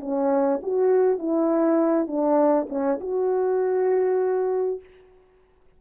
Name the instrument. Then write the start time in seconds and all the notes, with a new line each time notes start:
horn
0.00 C#4
0.62 F#4
1.18 E4
2.07 D4
2.69 C#4
3.00 F#4